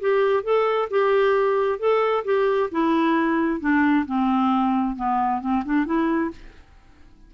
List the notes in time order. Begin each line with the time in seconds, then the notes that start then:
0.00 G4
0.43 A4
0.90 G4
1.79 A4
2.25 G4
2.71 E4
3.60 D4
4.06 C4
4.96 B3
5.41 C4
5.65 D4
5.86 E4